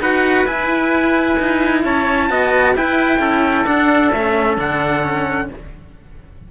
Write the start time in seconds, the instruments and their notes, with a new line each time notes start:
0.00 cello D#4 F#4, trumpet B4 F#5
0.45 cello E4, trumpet G#5
1.39 cello D#4
1.84 cello C#4, trumpet C#5 A5
2.30 cello B3 F#4, trumpet D#5
2.75 cello E4, trumpet B4 G5
3.20 cello C#4, trumpet A4
3.65 cello D4, trumpet F#5
4.12 cello A3 C#4, trumpet E5
4.58 cello D3 D4, trumpet F#5
5.03 cello C#4